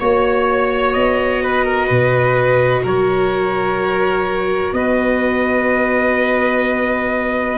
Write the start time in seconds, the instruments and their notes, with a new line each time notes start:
0.00 tuba A#3, viola F#4, violin C#5, trumpet C#5
0.93 tuba B3, trumpet D#5
1.43 violin B4
1.64 violin A#4
1.87 tuba B2, violin B4
2.84 tuba F#3, violin A#4, trumpet C#5
4.73 tuba B3, violin B4, trumpet D#5